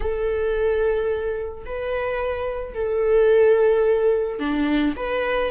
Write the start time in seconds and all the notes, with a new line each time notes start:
0.00 A4
1.65 B4
2.74 A4
4.39 D4
4.96 B4